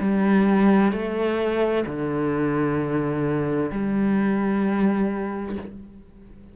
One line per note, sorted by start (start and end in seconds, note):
0.00 0.92 G3
0.92 1.85 A3
1.86 3.70 D3
3.71 5.56 G3